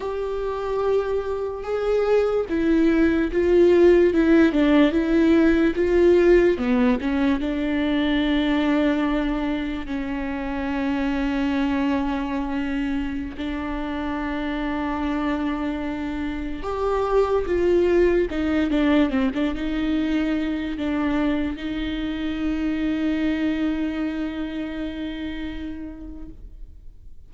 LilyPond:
\new Staff \with { instrumentName = "viola" } { \time 4/4 \tempo 4 = 73 g'2 gis'4 e'4 | f'4 e'8 d'8 e'4 f'4 | b8 cis'8 d'2. | cis'1~ |
cis'16 d'2.~ d'8.~ | d'16 g'4 f'4 dis'8 d'8 c'16 d'16 dis'16~ | dis'4~ dis'16 d'4 dis'4.~ dis'16~ | dis'1 | }